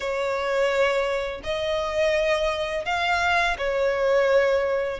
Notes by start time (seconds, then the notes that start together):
0.00 C#5
1.43 D#5
2.85 F5
3.57 C#5